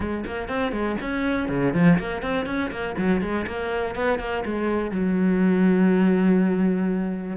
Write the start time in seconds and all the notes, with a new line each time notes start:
0.00 G#3
0.25 A#3
0.48 C4
0.72 G#3
1.01 C#4
1.49 C#3
1.73 F3
1.99 A#3
2.22 C4
2.46 C#4
2.71 A#3
2.97 F#3
3.21 G#3
3.46 A#3
3.95 B3
4.19 A#3
4.45 G#3
4.91 F#3